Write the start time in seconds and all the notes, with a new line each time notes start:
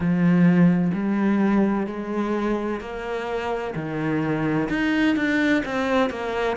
0.00 F3
0.93 G3
1.86 G#3
2.80 A#3
3.75 D#3
4.69 D#4
5.16 D4
5.65 C4
6.09 A#3